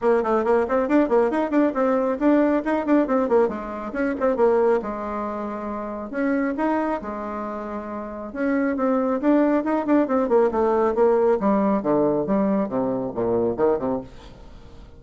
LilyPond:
\new Staff \with { instrumentName = "bassoon" } { \time 4/4 \tempo 4 = 137 ais8 a8 ais8 c'8 d'8 ais8 dis'8 d'8 | c'4 d'4 dis'8 d'8 c'8 ais8 | gis4 cis'8 c'8 ais4 gis4~ | gis2 cis'4 dis'4 |
gis2. cis'4 | c'4 d'4 dis'8 d'8 c'8 ais8 | a4 ais4 g4 d4 | g4 c4 ais,4 dis8 c8 | }